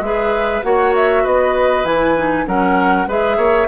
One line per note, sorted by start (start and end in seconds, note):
0.00 0.61 G#3
0.00 0.62 G#4
0.00 0.65 B4
0.00 0.62 E5
0.62 1.25 A#3
0.62 1.85 F#4
0.62 1.23 C#5
0.62 0.93 F#5
0.95 1.25 E5
1.23 1.84 B3
1.23 2.45 B4
1.23 1.85 D#5
1.84 2.45 E3
1.84 2.15 E4
1.84 2.46 G#5
2.16 2.45 D#4
2.45 3.07 F#3
2.45 3.07 C#4
2.45 3.07 A#4
2.45 3.09 F#5
3.07 3.37 G#3
3.07 3.67 G#4
3.07 3.37 B4
3.07 3.67 E5
3.37 3.67 A#3
3.37 3.67 C#5